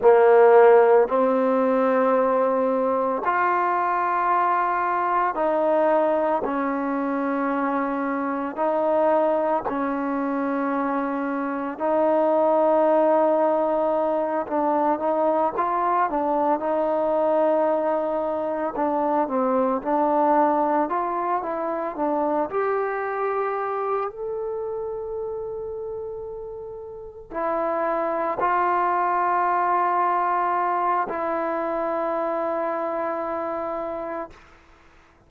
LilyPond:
\new Staff \with { instrumentName = "trombone" } { \time 4/4 \tempo 4 = 56 ais4 c'2 f'4~ | f'4 dis'4 cis'2 | dis'4 cis'2 dis'4~ | dis'4. d'8 dis'8 f'8 d'8 dis'8~ |
dis'4. d'8 c'8 d'4 f'8 | e'8 d'8 g'4. a'4.~ | a'4. e'4 f'4.~ | f'4 e'2. | }